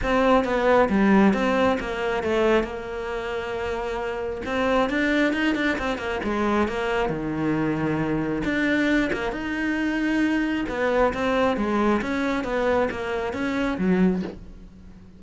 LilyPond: \new Staff \with { instrumentName = "cello" } { \time 4/4 \tempo 4 = 135 c'4 b4 g4 c'4 | ais4 a4 ais2~ | ais2 c'4 d'4 | dis'8 d'8 c'8 ais8 gis4 ais4 |
dis2. d'4~ | d'8 ais8 dis'2. | b4 c'4 gis4 cis'4 | b4 ais4 cis'4 fis4 | }